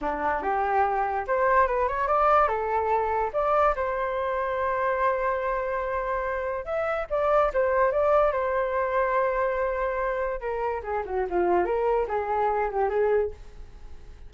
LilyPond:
\new Staff \with { instrumentName = "flute" } { \time 4/4 \tempo 4 = 144 d'4 g'2 c''4 | b'8 cis''8 d''4 a'2 | d''4 c''2.~ | c''1 |
e''4 d''4 c''4 d''4 | c''1~ | c''4 ais'4 gis'8 fis'8 f'4 | ais'4 gis'4. g'8 gis'4 | }